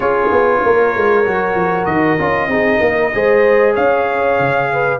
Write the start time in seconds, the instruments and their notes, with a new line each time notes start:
0.00 tuba C#4, trombone F4, horn G#4, trumpet C#5
0.31 tuba B3
0.64 tuba A#3, horn A#4
0.96 tuba G#3
1.24 tuba F#3, trombone F#4
1.55 tuba F3
1.85 tuba D#3, trumpet D#5
2.18 tuba C#4, trombone F4
2.47 tuba C4, trombone D#4, horn G#4
2.79 tuba A#3, horn A#4
3.14 tuba G#3, trombone G#4, horn C5
3.74 tuba C#4, horn C#5, trumpet F5
4.39 tuba C#3
4.72 horn B4